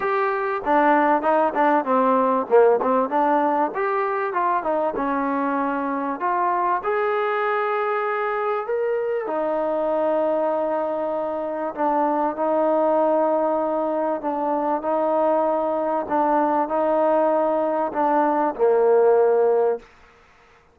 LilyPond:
\new Staff \with { instrumentName = "trombone" } { \time 4/4 \tempo 4 = 97 g'4 d'4 dis'8 d'8 c'4 | ais8 c'8 d'4 g'4 f'8 dis'8 | cis'2 f'4 gis'4~ | gis'2 ais'4 dis'4~ |
dis'2. d'4 | dis'2. d'4 | dis'2 d'4 dis'4~ | dis'4 d'4 ais2 | }